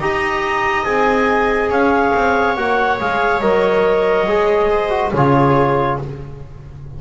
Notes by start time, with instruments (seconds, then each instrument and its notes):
0.00 double bass D#4, trombone G4, viola D#5, clarinet A#5
0.84 double bass C4, trombone G#4, clarinet G#5
1.70 double bass C#4, viola C#5, clarinet F5
2.14 double bass C4
2.56 double bass A#3, trombone F#4, clarinet F#5
3.00 double bass G#3, trombone G#4, clarinet F5
3.41 double bass F#3, trombone A#4, clarinet D#5
4.27 double bass G#3, trombone G#4
4.70 viola C5
4.90 trombone F#4
5.13 double bass C#3, trombone F4, viola G#4, clarinet C#5